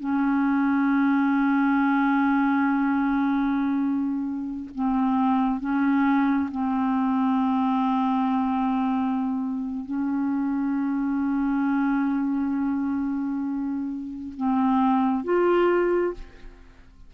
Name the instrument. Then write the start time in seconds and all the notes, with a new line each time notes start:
clarinet
0.00 C#4
4.75 C4
5.60 C#4
6.52 C4
9.85 C#4
14.37 C4
15.24 F4